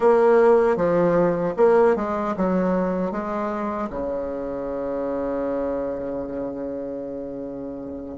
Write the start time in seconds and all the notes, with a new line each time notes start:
0.00 A#3
0.76 F3
1.57 A#3
1.96 G#3
2.36 F#3
3.11 G#3
3.90 C#3